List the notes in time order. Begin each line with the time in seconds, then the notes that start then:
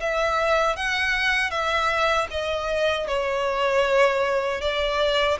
0.00 E5
0.76 F#5
1.50 E5
2.30 D#5
3.07 C#5
4.61 D5